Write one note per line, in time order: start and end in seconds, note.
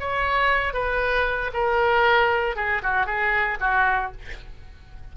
0.00 0.74 C#5
0.74 1.51 B4
1.54 2.56 A#4
2.56 2.82 G#4
2.83 3.07 F#4
3.07 3.58 G#4
3.60 4.12 F#4